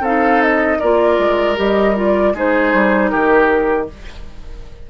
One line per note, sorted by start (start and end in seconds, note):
0.00 0.77 C4
0.00 0.82 D#4
0.00 0.78 A4
0.00 0.41 F5
0.41 0.80 D#5
0.79 1.18 A#3
0.79 1.55 F4
0.79 2.33 A#4
0.79 1.57 D5
1.18 1.56 G#3
1.55 2.33 G3
1.55 1.94 G4
1.55 1.96 D#5
1.96 2.34 F4
1.96 2.36 D5
2.33 2.72 G#3
2.33 3.88 D#4
2.33 3.11 G#4
2.33 3.09 C5
2.73 3.12 G3
3.09 3.90 D#3
3.09 3.87 G4
3.09 3.86 A#4